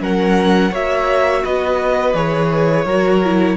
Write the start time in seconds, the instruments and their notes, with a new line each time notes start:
0.00 cello F#3, viola C#4, violin A#4 F#5
0.71 cello A#3, viola F#4, violin C#5 E5
1.44 cello B3, violin B4 D#5
2.14 cello E3, viola G#4, violin C#5
2.85 cello F#3, viola F#4, violin A#4
3.24 viola E4